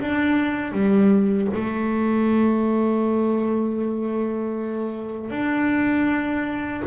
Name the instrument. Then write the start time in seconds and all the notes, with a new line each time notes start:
double bass
0.00 D4
0.72 G3
1.54 A3
5.30 D4